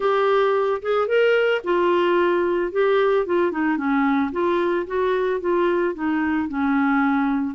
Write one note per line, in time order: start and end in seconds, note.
0.00 0.81 G4
0.81 1.07 G#4
1.07 1.61 A#4
1.64 2.72 F4
2.72 3.26 G4
3.26 3.51 F4
3.51 3.77 D#4
3.77 4.31 C#4
4.32 4.86 F4
4.86 5.40 F#4
5.40 5.94 F4
5.94 6.48 D#4
6.48 7.55 C#4